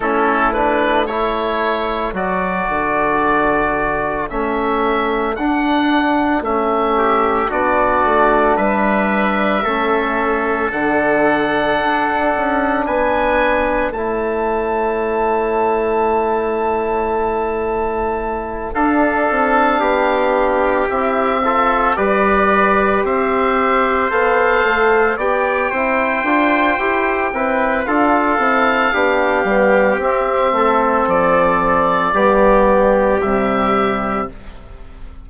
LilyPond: <<
  \new Staff \with { instrumentName = "oboe" } { \time 4/4 \tempo 4 = 56 a'8 b'8 cis''4 d''2 | e''4 fis''4 e''4 d''4 | e''2 fis''2 | gis''4 a''2.~ |
a''4. f''2 e''8~ | e''8 d''4 e''4 f''4 g''8~ | g''2 f''2 | e''4 d''2 e''4 | }
  \new Staff \with { instrumentName = "trumpet" } { \time 4/4 e'4 a'2.~ | a'2~ a'8 g'8 fis'4 | b'4 a'2. | b'4 cis''2.~ |
cis''4. a'4 g'4. | a'8 b'4 c''2 d''8 | c''4. b'8 a'4 g'4~ | g'8 a'4. g'2 | }
  \new Staff \with { instrumentName = "trombone" } { \time 4/4 cis'8 d'8 e'4 fis'2 | cis'4 d'4 cis'4 d'4~ | d'4 cis'4 d'2~ | d'4 e'2.~ |
e'4. d'2 e'8 | f'8 g'2 a'4 g'8 | e'8 f'8 g'8 e'8 f'8 e'8 d'8 b8 | c'2 b4 g4 | }
  \new Staff \with { instrumentName = "bassoon" } { \time 4/4 a2 fis8 d4. | a4 d'4 a4 b8 a8 | g4 a4 d4 d'8 cis'8 | b4 a2.~ |
a4. d'8 c'8 b4 c'8~ | c'8 g4 c'4 b8 a8 b8 | c'8 d'8 e'8 c'8 d'8 c'8 b8 g8 | c'8 a8 f4 g4 c4 | }
>>